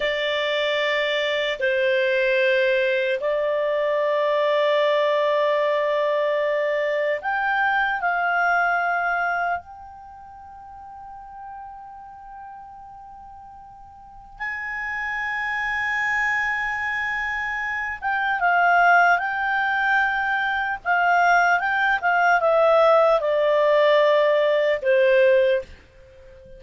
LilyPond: \new Staff \with { instrumentName = "clarinet" } { \time 4/4 \tempo 4 = 75 d''2 c''2 | d''1~ | d''4 g''4 f''2 | g''1~ |
g''2 gis''2~ | gis''2~ gis''8 g''8 f''4 | g''2 f''4 g''8 f''8 | e''4 d''2 c''4 | }